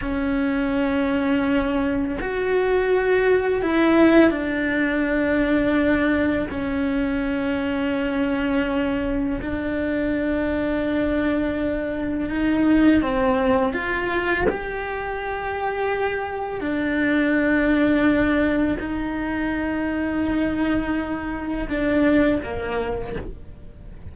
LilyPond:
\new Staff \with { instrumentName = "cello" } { \time 4/4 \tempo 4 = 83 cis'2. fis'4~ | fis'4 e'4 d'2~ | d'4 cis'2.~ | cis'4 d'2.~ |
d'4 dis'4 c'4 f'4 | g'2. d'4~ | d'2 dis'2~ | dis'2 d'4 ais4 | }